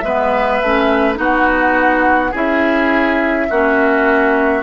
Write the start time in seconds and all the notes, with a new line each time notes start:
0.00 G#3 B3 B4 E5
0.62 A3 C#4
1.15 B3 D#4 F#4 F#5
2.32 C#4 E4 G#4 E5
3.50 A#3 C#4 F#4